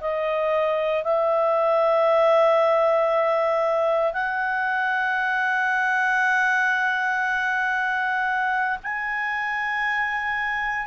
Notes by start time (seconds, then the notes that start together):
0.00 D#5
1.03 E5
4.13 F#5
8.83 G#5